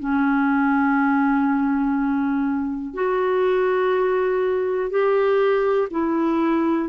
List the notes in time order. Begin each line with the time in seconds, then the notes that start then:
0.00 C#4
2.94 F#4
4.90 G4
5.91 E4